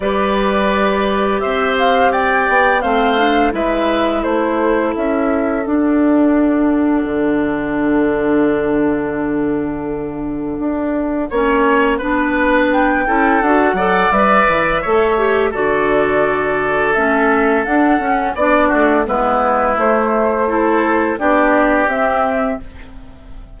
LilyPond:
<<
  \new Staff \with { instrumentName = "flute" } { \time 4/4 \tempo 4 = 85 d''2 e''8 f''8 g''4 | f''4 e''4 c''4 e''4 | fis''1~ | fis''1~ |
fis''2 g''4 fis''4 | e''2 d''2 | e''4 fis''4 d''4 b'4 | c''2 d''4 e''4 | }
  \new Staff \with { instrumentName = "oboe" } { \time 4/4 b'2 c''4 d''4 | c''4 b'4 a'2~ | a'1~ | a'1 |
cis''4 b'4. a'4 d''8~ | d''4 cis''4 a'2~ | a'2 d''8 fis'8 e'4~ | e'4 a'4 g'2 | }
  \new Staff \with { instrumentName = "clarinet" } { \time 4/4 g'1 | c'8 d'8 e'2. | d'1~ | d'1 |
cis'4 d'4. e'8 fis'8 a'8 | b'4 a'8 g'8 fis'2 | cis'4 d'8 cis'8 d'4 b4 | a4 e'4 d'4 c'4 | }
  \new Staff \with { instrumentName = "bassoon" } { \time 4/4 g2 c'4. b8 | a4 gis4 a4 cis'4 | d'2 d2~ | d2. d'4 |
ais4 b4. cis'8 d'8 fis8 | g8 e8 a4 d2 | a4 d'8 cis'8 b8 a8 gis4 | a2 b4 c'4 | }
>>